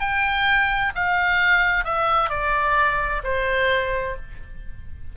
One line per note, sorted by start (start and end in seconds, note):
0.00 0.92 G5
0.95 1.84 F5
1.84 2.30 E5
2.30 3.22 D5
3.24 4.16 C5